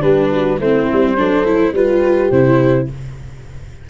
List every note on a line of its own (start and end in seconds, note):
0.00 0.60 G3
0.00 0.57 D4
0.00 0.30 G4
0.00 0.59 B4
0.31 0.59 F#4
0.59 0.88 A3
0.59 1.17 C4
0.59 1.16 E4
0.59 1.74 C5
0.92 1.19 G3
1.17 1.72 F#3
1.17 1.45 D4
1.17 1.74 A4
1.45 1.73 E4
1.72 2.29 G3
1.72 2.32 F4
1.72 2.88 G4
1.72 2.30 B4
2.30 2.88 C3
2.30 2.89 E4
2.30 2.87 C5